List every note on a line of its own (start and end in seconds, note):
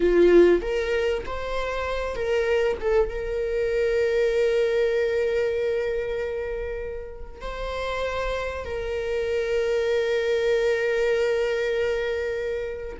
0.00 0.61 F4
0.61 1.23 A#4
1.25 2.15 C5
2.15 2.77 A#4
2.80 3.09 A4
3.09 7.41 A#4
7.41 8.64 C5
8.64 12.97 A#4